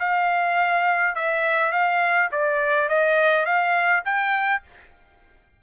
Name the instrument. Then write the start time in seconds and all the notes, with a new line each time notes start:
trumpet
0.00 F5
1.15 E5
1.73 F5
2.32 D5
2.90 D#5
3.46 F5
4.05 G5